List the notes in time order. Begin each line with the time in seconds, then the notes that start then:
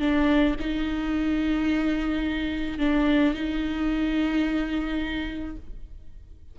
0.00 D4
0.60 D#4
2.79 D4
3.34 D#4